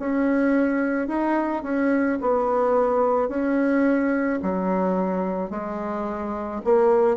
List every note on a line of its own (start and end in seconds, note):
0.00 1.08 C#4
1.08 1.63 D#4
1.63 2.19 C#4
2.21 3.29 B3
3.29 4.40 C#4
4.42 5.51 F#3
5.51 6.62 G#3
6.65 7.18 A#3